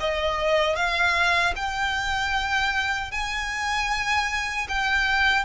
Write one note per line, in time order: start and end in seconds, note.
0.00 0.76 D#5
0.76 1.54 F5
1.56 3.12 G5
3.12 4.68 G#5
4.69 5.44 G5